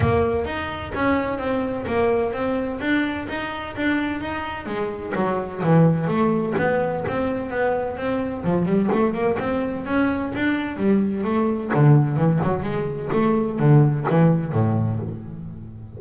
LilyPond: \new Staff \with { instrumentName = "double bass" } { \time 4/4 \tempo 4 = 128 ais4 dis'4 cis'4 c'4 | ais4 c'4 d'4 dis'4 | d'4 dis'4 gis4 fis4 | e4 a4 b4 c'4 |
b4 c'4 f8 g8 a8 ais8 | c'4 cis'4 d'4 g4 | a4 d4 e8 fis8 gis4 | a4 d4 e4 a,4 | }